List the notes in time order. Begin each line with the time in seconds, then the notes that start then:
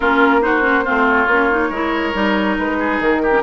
0.00 A#3 C#4 F4 A#4
0.41 D#4 F#4 C5
0.62 C#4
0.84 A3 C4 F4
1.09 C#5
1.27 A#3 C#4
1.51 D#4
1.69 G#3 E4 A#4
2.13 G3 D#4
2.58 G#3 B4
2.79 G#4
2.99 D#3 A#4
3.22 G4
3.30 C#4